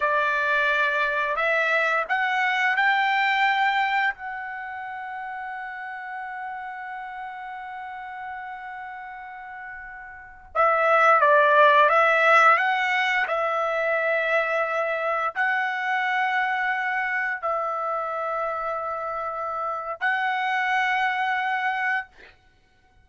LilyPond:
\new Staff \with { instrumentName = "trumpet" } { \time 4/4 \tempo 4 = 87 d''2 e''4 fis''4 | g''2 fis''2~ | fis''1~ | fis''2.~ fis''16 e''8.~ |
e''16 d''4 e''4 fis''4 e''8.~ | e''2~ e''16 fis''4.~ fis''16~ | fis''4~ fis''16 e''2~ e''8.~ | e''4 fis''2. | }